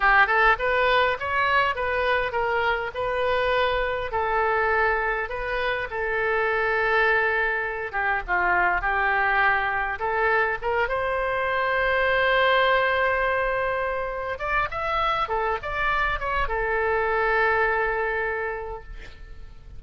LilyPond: \new Staff \with { instrumentName = "oboe" } { \time 4/4 \tempo 4 = 102 g'8 a'8 b'4 cis''4 b'4 | ais'4 b'2 a'4~ | a'4 b'4 a'2~ | a'4. g'8 f'4 g'4~ |
g'4 a'4 ais'8 c''4.~ | c''1~ | c''8 d''8 e''4 a'8 d''4 cis''8 | a'1 | }